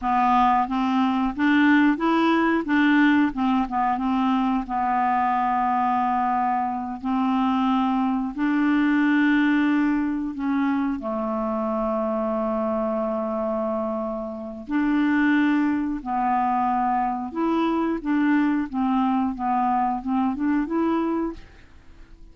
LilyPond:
\new Staff \with { instrumentName = "clarinet" } { \time 4/4 \tempo 4 = 90 b4 c'4 d'4 e'4 | d'4 c'8 b8 c'4 b4~ | b2~ b8 c'4.~ | c'8 d'2. cis'8~ |
cis'8 a2.~ a8~ | a2 d'2 | b2 e'4 d'4 | c'4 b4 c'8 d'8 e'4 | }